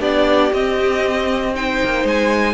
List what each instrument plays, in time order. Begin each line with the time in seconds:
0.00 cello B3, viola D4, violin G4 D5
0.51 viola C4, cello C4, violin D#5
1.55 viola D#4, violin C5 G5
1.84 cello A#3
2.04 cello G#3, violin G#5